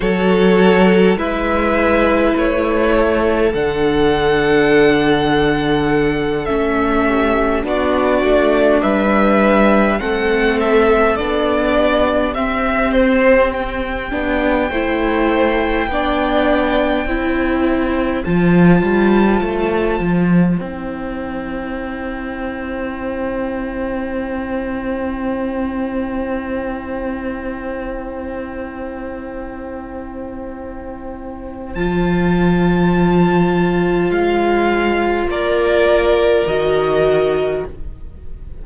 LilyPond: <<
  \new Staff \with { instrumentName = "violin" } { \time 4/4 \tempo 4 = 51 cis''4 e''4 cis''4 fis''4~ | fis''4. e''4 d''4 e''8~ | e''8 fis''8 e''8 d''4 e''8 c''8 g''8~ | g''2.~ g''8 a''8~ |
a''4. g''2~ g''8~ | g''1~ | g''2. a''4~ | a''4 f''4 d''4 dis''4 | }
  \new Staff \with { instrumentName = "violin" } { \time 4/4 a'4 b'4. a'4.~ | a'2 g'8 fis'4 b'8~ | b'8 a'4. g'2~ | g'8 c''4 d''4 c''4.~ |
c''1~ | c''1~ | c''1~ | c''2 ais'2 | }
  \new Staff \with { instrumentName = "viola" } { \time 4/4 fis'4 e'2 d'4~ | d'4. cis'4 d'4.~ | d'8 c'4 d'4 c'4. | d'8 e'4 d'4 e'4 f'8~ |
f'4. e'2~ e'8~ | e'1~ | e'2. f'4~ | f'2. fis'4 | }
  \new Staff \with { instrumentName = "cello" } { \time 4/4 fis4 gis4 a4 d4~ | d4. a4 b8 a8 g8~ | g8 a4 b4 c'4. | b8 a4 b4 c'4 f8 |
g8 a8 f8 c'2~ c'8~ | c'1~ | c'2. f4~ | f4 gis4 ais4 dis4 | }
>>